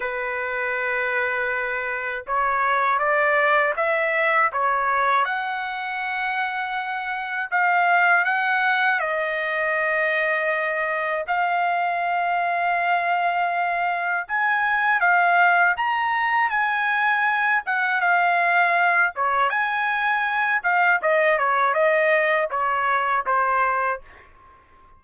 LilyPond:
\new Staff \with { instrumentName = "trumpet" } { \time 4/4 \tempo 4 = 80 b'2. cis''4 | d''4 e''4 cis''4 fis''4~ | fis''2 f''4 fis''4 | dis''2. f''4~ |
f''2. gis''4 | f''4 ais''4 gis''4. fis''8 | f''4. cis''8 gis''4. f''8 | dis''8 cis''8 dis''4 cis''4 c''4 | }